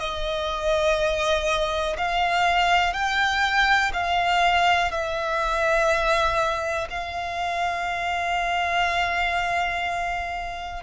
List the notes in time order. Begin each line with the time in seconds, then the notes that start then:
0.00 D#5
1.98 F5
2.93 G5
3.93 F5
4.91 E5
6.90 F5